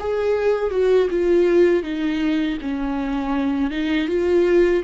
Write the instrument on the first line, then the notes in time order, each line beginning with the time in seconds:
viola
0.00 G#4
0.71 F#4
1.10 F4
1.83 D#4
2.61 C#4
3.71 D#4
4.08 F4